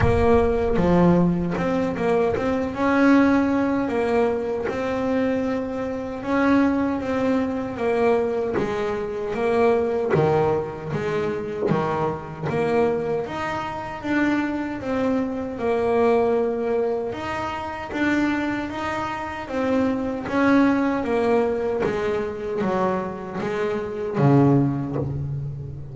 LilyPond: \new Staff \with { instrumentName = "double bass" } { \time 4/4 \tempo 4 = 77 ais4 f4 c'8 ais8 c'8 cis'8~ | cis'4 ais4 c'2 | cis'4 c'4 ais4 gis4 | ais4 dis4 gis4 dis4 |
ais4 dis'4 d'4 c'4 | ais2 dis'4 d'4 | dis'4 c'4 cis'4 ais4 | gis4 fis4 gis4 cis4 | }